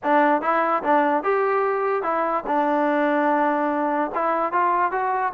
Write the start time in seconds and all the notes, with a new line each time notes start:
0.03 D4
0.41 E4
0.83 D4
1.23 G4
2.02 E4
2.46 D4
4.14 E4
4.52 F4
4.91 F#4